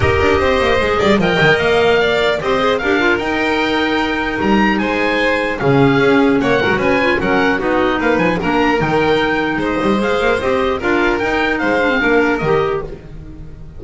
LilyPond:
<<
  \new Staff \with { instrumentName = "oboe" } { \time 4/4 \tempo 4 = 150 dis''2. g''4 | f''2 dis''4 f''4 | g''2. ais''4 | gis''2 f''2 |
fis''4 gis''4 fis''4 dis''4 | f''8 gis''8 ais''4 g''2 | dis''4 f''4 dis''4 f''4 | g''4 f''2 dis''4 | }
  \new Staff \with { instrumentName = "violin" } { \time 4/4 ais'4 c''4. d''8 dis''4~ | dis''4 d''4 c''4 ais'4~ | ais'1 | c''2 gis'2 |
cis''8 ais'8 b'4 ais'4 fis'4 | b'4 ais'2. | c''2. ais'4~ | ais'4 c''4 ais'2 | }
  \new Staff \with { instrumentName = "clarinet" } { \time 4/4 g'2 gis'4 ais'4~ | ais'2 g'8 gis'8 g'8 f'8 | dis'1~ | dis'2 cis'2~ |
cis'8 fis'4 f'8 cis'4 dis'4~ | dis'4 d'4 dis'2~ | dis'4 gis'4 g'4 f'4 | dis'4. d'16 c'16 d'4 g'4 | }
  \new Staff \with { instrumentName = "double bass" } { \time 4/4 dis'8 d'8 c'8 ais8 gis8 g8 f8 dis8 | ais2 c'4 d'4 | dis'2. g4 | gis2 cis4 cis'4 |
ais8 gis16 fis16 cis'4 fis4 b4 | ais8 f8 ais4 dis2 | gis8 g8 gis8 ais8 c'4 d'4 | dis'4 gis4 ais4 dis4 | }
>>